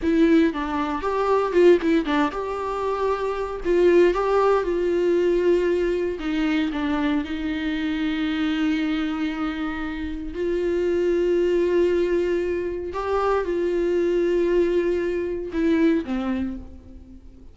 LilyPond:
\new Staff \with { instrumentName = "viola" } { \time 4/4 \tempo 4 = 116 e'4 d'4 g'4 f'8 e'8 | d'8 g'2~ g'8 f'4 | g'4 f'2. | dis'4 d'4 dis'2~ |
dis'1 | f'1~ | f'4 g'4 f'2~ | f'2 e'4 c'4 | }